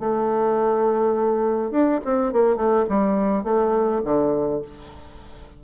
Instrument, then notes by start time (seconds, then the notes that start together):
bassoon
0.00 A3
1.71 D4
2.05 C4
2.33 A#3
2.56 A3
2.89 G3
3.44 A3
4.04 D3